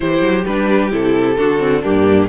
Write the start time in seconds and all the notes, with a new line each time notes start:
0.00 E3 E4 G4 C5
0.21 F#3
0.46 G3 D4 B4
0.90 C3 E4 A4
1.37 D3 D4 F#4
1.58 C4
1.82 G2 A#3 D4 G4